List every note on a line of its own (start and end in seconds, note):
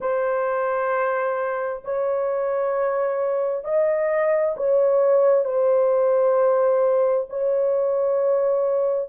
0.00 1.82 C5
1.84 3.64 C#5
3.64 4.55 D#5
4.57 5.45 C#5
5.45 7.26 C5
7.29 9.09 C#5